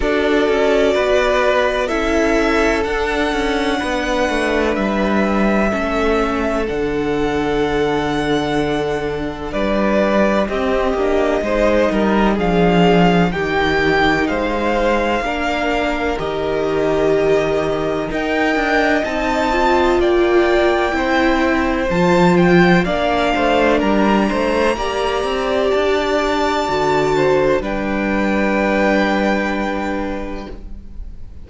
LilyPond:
<<
  \new Staff \with { instrumentName = "violin" } { \time 4/4 \tempo 4 = 63 d''2 e''4 fis''4~ | fis''4 e''2 fis''4~ | fis''2 d''4 dis''4~ | dis''4 f''4 g''4 f''4~ |
f''4 dis''2 g''4 | a''4 g''2 a''8 g''8 | f''4 ais''2 a''4~ | a''4 g''2. | }
  \new Staff \with { instrumentName = "violin" } { \time 4/4 a'4 b'4 a'2 | b'2 a'2~ | a'2 b'4 g'4 | c''8 ais'8 gis'4 g'4 c''4 |
ais'2. dis''4~ | dis''4 d''4 c''2 | d''8 c''8 ais'8 c''8 d''2~ | d''8 c''8 b'2. | }
  \new Staff \with { instrumentName = "viola" } { \time 4/4 fis'2 e'4 d'4~ | d'2 cis'4 d'4~ | d'2. c'8 d'8 | dis'4 d'4 dis'2 |
d'4 g'2 ais'4 | dis'8 f'4. e'4 f'4 | d'2 g'2 | fis'4 d'2. | }
  \new Staff \with { instrumentName = "cello" } { \time 4/4 d'8 cis'8 b4 cis'4 d'8 cis'8 | b8 a8 g4 a4 d4~ | d2 g4 c'8 ais8 | gis8 g8 f4 dis4 gis4 |
ais4 dis2 dis'8 d'8 | c'4 ais4 c'4 f4 | ais8 a8 g8 a8 ais8 c'8 d'4 | d4 g2. | }
>>